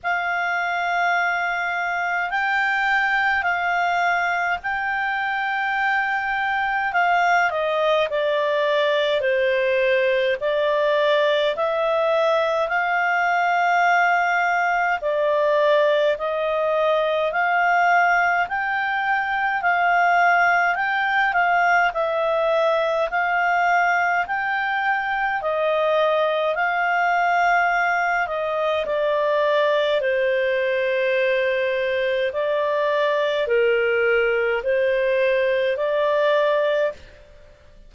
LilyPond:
\new Staff \with { instrumentName = "clarinet" } { \time 4/4 \tempo 4 = 52 f''2 g''4 f''4 | g''2 f''8 dis''8 d''4 | c''4 d''4 e''4 f''4~ | f''4 d''4 dis''4 f''4 |
g''4 f''4 g''8 f''8 e''4 | f''4 g''4 dis''4 f''4~ | f''8 dis''8 d''4 c''2 | d''4 ais'4 c''4 d''4 | }